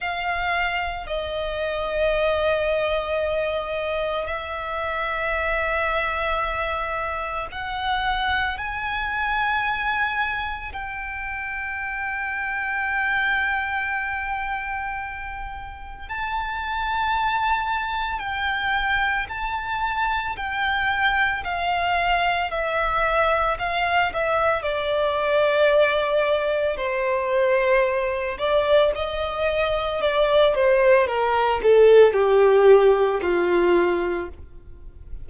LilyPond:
\new Staff \with { instrumentName = "violin" } { \time 4/4 \tempo 4 = 56 f''4 dis''2. | e''2. fis''4 | gis''2 g''2~ | g''2. a''4~ |
a''4 g''4 a''4 g''4 | f''4 e''4 f''8 e''8 d''4~ | d''4 c''4. d''8 dis''4 | d''8 c''8 ais'8 a'8 g'4 f'4 | }